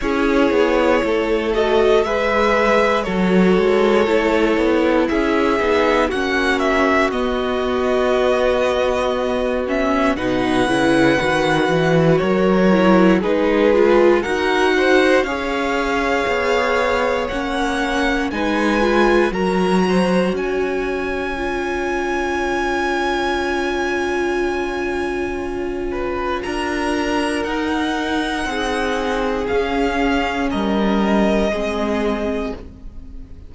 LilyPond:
<<
  \new Staff \with { instrumentName = "violin" } { \time 4/4 \tempo 4 = 59 cis''4. dis''8 e''4 cis''4~ | cis''4 e''4 fis''8 e''8 dis''4~ | dis''4. e''8 fis''2 | cis''4 b'4 fis''4 f''4~ |
f''4 fis''4 gis''4 ais''4 | gis''1~ | gis''2 ais''4 fis''4~ | fis''4 f''4 dis''2 | }
  \new Staff \with { instrumentName = "violin" } { \time 4/4 gis'4 a'4 b'4 a'4~ | a'4 gis'4 fis'2~ | fis'2 b'2 | ais'4 gis'4 ais'8 c''8 cis''4~ |
cis''2 b'4 ais'8 c''8 | cis''1~ | cis''4. b'8 ais'2 | gis'2 ais'4 gis'4 | }
  \new Staff \with { instrumentName = "viola" } { \time 4/4 e'4. fis'8 gis'4 fis'4 | e'4. dis'8 cis'4 b4~ | b4. cis'8 dis'8 e'8 fis'4~ | fis'8 e'8 dis'8 f'8 fis'4 gis'4~ |
gis'4 cis'4 dis'8 f'8 fis'4~ | fis'4 f'2.~ | f'2. dis'4~ | dis'4 cis'2 c'4 | }
  \new Staff \with { instrumentName = "cello" } { \time 4/4 cis'8 b8 a4 gis4 fis8 gis8 | a8 b8 cis'8 b8 ais4 b4~ | b2 b,8 cis8 dis8 e8 | fis4 gis4 dis'4 cis'4 |
b4 ais4 gis4 fis4 | cis'1~ | cis'2 d'4 dis'4 | c'4 cis'4 g4 gis4 | }
>>